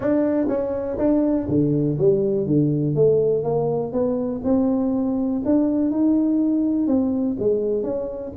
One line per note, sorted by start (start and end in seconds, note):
0.00 0.47 D4
0.48 0.97 C#4
0.98 1.47 D4
1.48 1.97 D3
1.98 2.46 G3
2.46 2.95 D3
2.95 3.43 A3
3.43 3.92 A#3
3.92 4.41 B3
4.44 5.42 C4
5.45 5.90 D4
5.90 6.87 D#4
6.87 7.36 C4
7.39 7.83 G#3
7.83 8.32 C#4